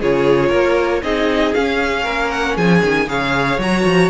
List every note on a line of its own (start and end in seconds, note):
0.00 0.51 C#3
0.00 1.03 F4
0.00 0.49 G#4
0.00 1.03 C#5
0.49 1.03 A#3
0.49 1.00 A#4
1.03 1.54 C4
1.03 1.54 D#4
1.03 2.03 G#4
1.03 1.54 D#5
1.54 3.07 C#4
1.54 2.06 C#4
1.54 2.31 F5
2.03 2.57 A#3
2.03 2.54 A#4
2.31 2.57 F#5
2.56 2.83 F3
2.56 3.07 G#4
2.56 3.09 G#5
2.83 3.08 D#3
3.07 3.58 C#3
3.07 3.59 G#4
3.07 4.10 C#5
3.07 3.60 F5
3.58 3.84 F#3
3.58 4.10 F#4
3.58 4.10 A#5
3.85 4.10 F3